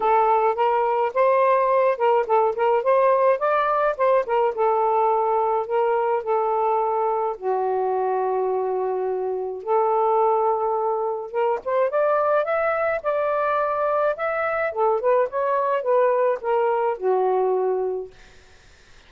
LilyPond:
\new Staff \with { instrumentName = "saxophone" } { \time 4/4 \tempo 4 = 106 a'4 ais'4 c''4. ais'8 | a'8 ais'8 c''4 d''4 c''8 ais'8 | a'2 ais'4 a'4~ | a'4 fis'2.~ |
fis'4 a'2. | ais'8 c''8 d''4 e''4 d''4~ | d''4 e''4 a'8 b'8 cis''4 | b'4 ais'4 fis'2 | }